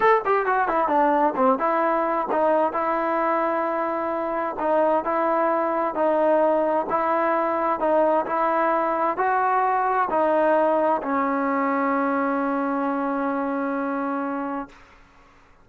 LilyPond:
\new Staff \with { instrumentName = "trombone" } { \time 4/4 \tempo 4 = 131 a'8 g'8 fis'8 e'8 d'4 c'8 e'8~ | e'4 dis'4 e'2~ | e'2 dis'4 e'4~ | e'4 dis'2 e'4~ |
e'4 dis'4 e'2 | fis'2 dis'2 | cis'1~ | cis'1 | }